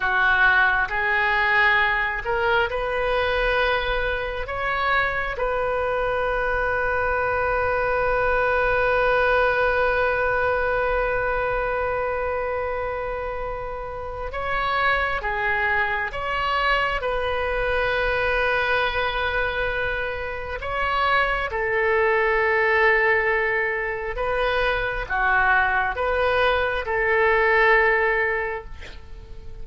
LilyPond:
\new Staff \with { instrumentName = "oboe" } { \time 4/4 \tempo 4 = 67 fis'4 gis'4. ais'8 b'4~ | b'4 cis''4 b'2~ | b'1~ | b'1 |
cis''4 gis'4 cis''4 b'4~ | b'2. cis''4 | a'2. b'4 | fis'4 b'4 a'2 | }